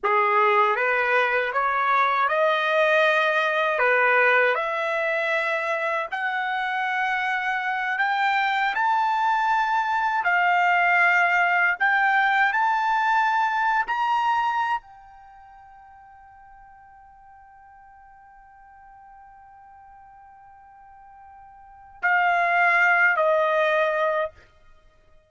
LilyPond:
\new Staff \with { instrumentName = "trumpet" } { \time 4/4 \tempo 4 = 79 gis'4 b'4 cis''4 dis''4~ | dis''4 b'4 e''2 | fis''2~ fis''8 g''4 a''8~ | a''4. f''2 g''8~ |
g''8 a''4.~ a''16 ais''4~ ais''16 g''8~ | g''1~ | g''1~ | g''4 f''4. dis''4. | }